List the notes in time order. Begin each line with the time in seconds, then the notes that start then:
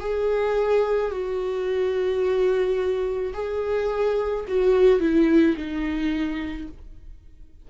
0.00 G#4
1.11 F#4
3.33 G#4
4.47 F#4
5.00 E4
5.56 D#4